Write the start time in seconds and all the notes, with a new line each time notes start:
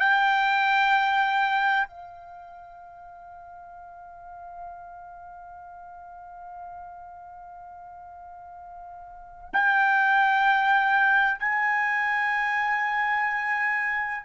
0.00 G5
1.87 F5
9.54 G5
11.40 G#5